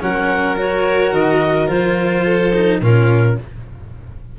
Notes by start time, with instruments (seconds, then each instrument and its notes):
0.00 tuba F#3, cello C#4, violin A#4, clarinet F#5
0.56 cello F#4, clarinet C#5
1.11 tuba D#3, clarinet D#5
1.68 tuba F3, cello F4, clarinet C5
2.24 violin A4
2.54 cello D#4
2.81 tuba A#2, cello C#4, violin F4, clarinet A#4